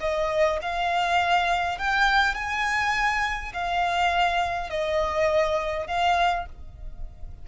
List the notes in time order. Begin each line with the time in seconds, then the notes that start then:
0.00 D#5
0.61 F5
1.78 G5
2.34 G#5
3.53 F5
4.70 D#5
5.87 F5